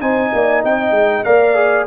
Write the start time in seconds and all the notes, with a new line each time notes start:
0.00 C4 D#4 C5 G#5
0.33 A#3 D5
0.64 C4 D#5 G5
0.91 G#3
1.24 A#3 A#4 D5 F5
1.55 G#4